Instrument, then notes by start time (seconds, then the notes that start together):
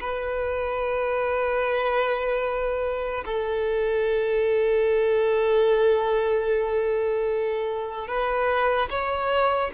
violin
0.00 B4
3.25 A4
8.08 B4
8.90 C#5